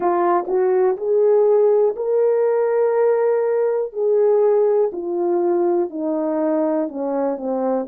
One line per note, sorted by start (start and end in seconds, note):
0.00 0.45 F4
0.47 0.96 F#4
0.96 1.94 G#4
1.95 3.92 A#4
3.92 4.90 G#4
4.92 5.90 F4
5.90 6.88 D#4
6.88 7.37 C#4
7.37 7.86 C4